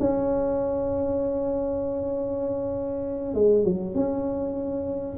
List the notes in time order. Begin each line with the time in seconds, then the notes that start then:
0.00 C#4
3.34 G#3
3.64 F#3
3.95 C#4